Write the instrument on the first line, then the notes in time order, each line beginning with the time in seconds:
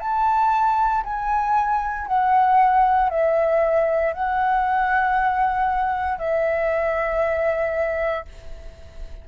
flute
0.00 A5
1.04 G#5
2.07 F#5
3.10 E5
4.13 F#5
6.19 E5